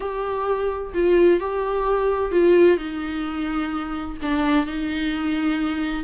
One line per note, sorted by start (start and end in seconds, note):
0.00 0.93 G4
0.94 1.40 F4
1.40 2.31 G4
2.31 2.77 F4
2.77 4.17 D#4
4.21 4.66 D4
4.66 6.04 D#4